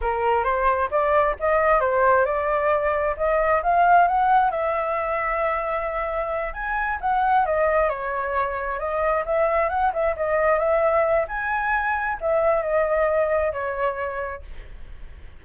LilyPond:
\new Staff \with { instrumentName = "flute" } { \time 4/4 \tempo 4 = 133 ais'4 c''4 d''4 dis''4 | c''4 d''2 dis''4 | f''4 fis''4 e''2~ | e''2~ e''8 gis''4 fis''8~ |
fis''8 dis''4 cis''2 dis''8~ | dis''8 e''4 fis''8 e''8 dis''4 e''8~ | e''4 gis''2 e''4 | dis''2 cis''2 | }